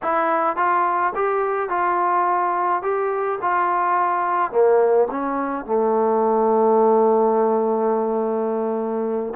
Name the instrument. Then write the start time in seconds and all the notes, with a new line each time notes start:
trombone
0.02 E4
0.56 F4
1.15 G4
1.69 F4
2.82 G4
3.41 F4
4.51 A#3
5.10 C#4
5.65 A3